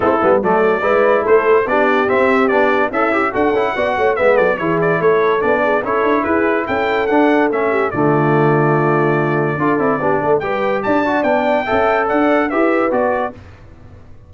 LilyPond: <<
  \new Staff \with { instrumentName = "trumpet" } { \time 4/4 \tempo 4 = 144 a'4 d''2 c''4 | d''4 e''4 d''4 e''4 | fis''2 e''8 d''8 cis''8 d''8 | cis''4 d''4 cis''4 b'4 |
g''4 fis''4 e''4 d''4~ | d''1~ | d''4 g''4 a''4 g''4~ | g''4 fis''4 e''4 d''4 | }
  \new Staff \with { instrumentName = "horn" } { \time 4/4 e'4 a'4 b'4 a'4 | g'2. e'4 | a'4 d''8 cis''8 b'8 a'8 gis'4 | a'4. gis'8 a'4 gis'4 |
a'2~ a'8 g'8 f'4~ | f'2. a'4 | g'8 a'8 b'4 d''2 | e''4 d''4 b'2 | }
  \new Staff \with { instrumentName = "trombone" } { \time 4/4 c'8 b8 a4 e'2 | d'4 c'4 d'4 a'8 g'8 | fis'8 e'8 fis'4 b4 e'4~ | e'4 d'4 e'2~ |
e'4 d'4 cis'4 a4~ | a2. f'8 e'8 | d'4 g'4. fis'8 d'4 | a'2 g'4 fis'4 | }
  \new Staff \with { instrumentName = "tuba" } { \time 4/4 a8 g8 fis4 gis4 a4 | b4 c'4 b4 cis'4 | d'8 cis'8 b8 a8 gis8 fis8 e4 | a4 b4 cis'8 d'8 e'4 |
cis'4 d'4 a4 d4~ | d2. d'8 c'8 | b8 a8 g4 d'4 b4 | cis'4 d'4 e'4 b4 | }
>>